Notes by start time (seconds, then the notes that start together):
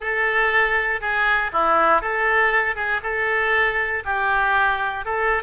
0.00 A4
1.00 G#4
1.52 E4
2.01 A4
2.75 G#4
3.03 A4
4.05 G4
5.05 A4